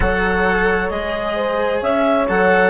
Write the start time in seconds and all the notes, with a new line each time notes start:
0.00 F#3 A4 C#5 F#5
0.89 G#3 G#4 D#5
1.35 C5
1.80 C#4 C#5 E5
2.28 F#3 A4 F#5